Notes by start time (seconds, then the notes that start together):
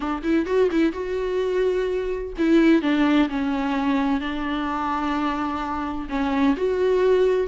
0.00 D4
0.23 E4
0.45 F#4
0.71 E4
0.92 F#4
2.38 E4
2.81 D4
3.29 C#4
4.20 D4
6.09 C#4
6.56 F#4